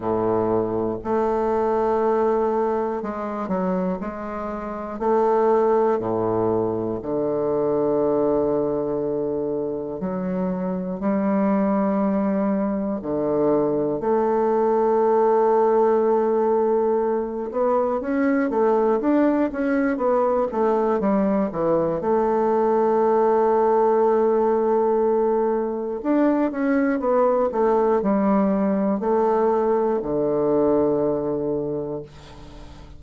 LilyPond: \new Staff \with { instrumentName = "bassoon" } { \time 4/4 \tempo 4 = 60 a,4 a2 gis8 fis8 | gis4 a4 a,4 d4~ | d2 fis4 g4~ | g4 d4 a2~ |
a4. b8 cis'8 a8 d'8 cis'8 | b8 a8 g8 e8 a2~ | a2 d'8 cis'8 b8 a8 | g4 a4 d2 | }